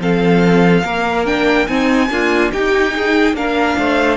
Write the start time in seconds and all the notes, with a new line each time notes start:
0.00 F3 C4 A4 F5
0.84 A#3 A#4
1.26 D4 G5
1.67 C4 D#4 G#5
2.10 A#3 D4 F4
2.52 D#4 G4 G5
2.96 G#4
3.34 A#3 D4 A#4 F5
3.79 A3 C5